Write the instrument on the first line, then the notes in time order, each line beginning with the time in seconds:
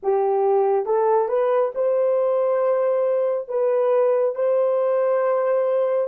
horn
0.02 G4
0.85 A4
1.28 B4
1.74 C5
3.48 B4
4.35 C5